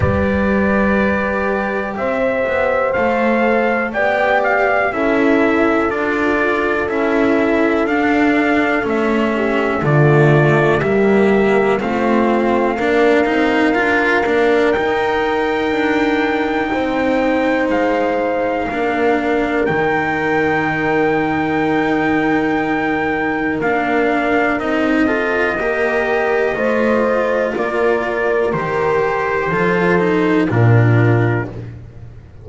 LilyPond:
<<
  \new Staff \with { instrumentName = "trumpet" } { \time 4/4 \tempo 4 = 61 d''2 e''4 f''4 | g''8 f''8 e''4 d''4 e''4 | f''4 e''4 d''4 e''4 | f''2. g''4~ |
g''2 f''2 | g''1 | f''4 dis''2. | d''4 c''2 ais'4 | }
  \new Staff \with { instrumentName = "horn" } { \time 4/4 b'2 c''2 | d''4 a'2.~ | a'4. g'8 f'4 g'4 | f'4 ais'2.~ |
ais'4 c''2 ais'4~ | ais'1~ | ais'4. a'8 ais'4 c''4 | ais'2 a'4 f'4 | }
  \new Staff \with { instrumentName = "cello" } { \time 4/4 g'2. a'4 | g'4 e'4 f'4 e'4 | d'4 cis'4 a4 ais4 | c'4 d'8 dis'8 f'8 d'8 dis'4~ |
dis'2. d'4 | dis'1 | d'4 dis'8 f'8 g'4 f'4~ | f'4 g'4 f'8 dis'8 d'4 | }
  \new Staff \with { instrumentName = "double bass" } { \time 4/4 g2 c'8 b8 a4 | b4 cis'4 d'4 cis'4 | d'4 a4 d4 g4 | a4 ais8 c'8 d'8 ais8 dis'4 |
d'4 c'4 gis4 ais4 | dis1 | ais4 c'4 ais4 a4 | ais4 dis4 f4 ais,4 | }
>>